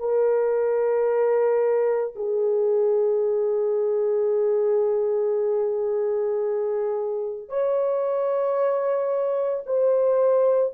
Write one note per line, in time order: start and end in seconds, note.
0.00 2.14 A#4
2.16 7.49 G#4
7.49 9.63 C#5
9.66 10.73 C5